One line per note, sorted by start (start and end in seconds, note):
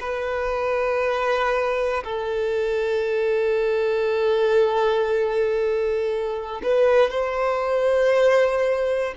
0.00 2.03 B4
2.03 6.61 A4
6.63 7.10 B4
7.10 9.14 C5